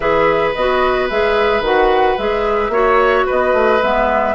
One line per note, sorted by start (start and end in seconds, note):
0.00 0.53 E3
0.00 0.55 G#4
0.00 2.71 B4
0.00 0.51 E5
0.54 1.10 B3
0.54 1.10 F#4
0.54 1.08 D#5
1.09 1.60 G#3
1.09 1.64 G#4
1.09 1.63 E5
1.60 2.14 D#3
1.60 2.18 F#4
1.60 2.18 F#5
2.18 2.68 G#3
2.18 2.72 G#4
2.18 3.27 E5
2.68 3.23 A#3
2.68 3.81 F#4
2.68 3.26 C#5
3.26 3.53 B3
3.26 4.34 B4
3.26 3.82 D#5
3.53 3.80 A3
3.81 4.34 G#3
3.81 4.34 B3
3.81 4.34 E5